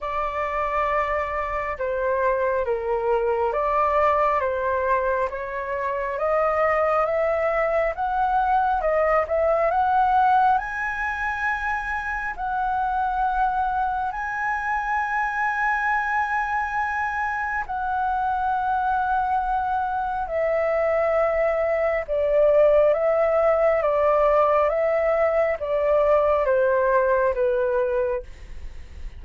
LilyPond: \new Staff \with { instrumentName = "flute" } { \time 4/4 \tempo 4 = 68 d''2 c''4 ais'4 | d''4 c''4 cis''4 dis''4 | e''4 fis''4 dis''8 e''8 fis''4 | gis''2 fis''2 |
gis''1 | fis''2. e''4~ | e''4 d''4 e''4 d''4 | e''4 d''4 c''4 b'4 | }